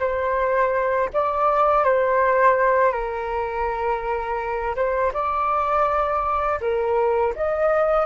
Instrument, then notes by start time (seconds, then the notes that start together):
flute
0.00 C5
1.13 D5
1.85 C5
2.93 A#4
4.76 C5
5.14 D5
6.61 A#4
7.36 D#5